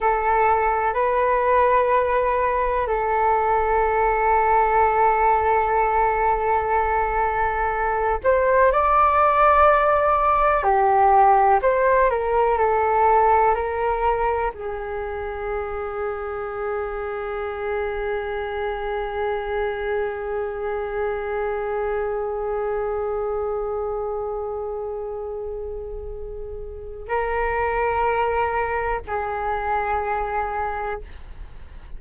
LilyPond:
\new Staff \with { instrumentName = "flute" } { \time 4/4 \tempo 4 = 62 a'4 b'2 a'4~ | a'1~ | a'8 c''8 d''2 g'4 | c''8 ais'8 a'4 ais'4 gis'4~ |
gis'1~ | gis'1~ | gis'1 | ais'2 gis'2 | }